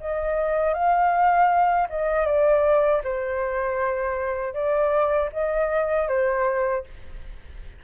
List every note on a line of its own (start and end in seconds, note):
0.00 0.74 D#5
0.74 1.87 F5
1.89 2.26 D#5
2.26 3.02 D5
3.03 4.53 C5
4.53 5.29 D5
5.32 6.08 D#5
6.08 6.84 C5